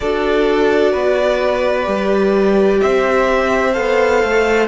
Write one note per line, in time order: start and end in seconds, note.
0.00 0.94 D4
0.00 1.84 F#4
0.00 0.92 A4
0.00 2.81 D5
0.92 1.87 B3
0.92 2.79 B4
1.84 2.81 G3
1.84 3.71 G4
2.81 3.76 C4
2.81 4.67 C5
2.81 3.73 E5
3.73 4.23 B3
3.73 4.67 A4
3.73 4.67 F5
4.23 4.67 A3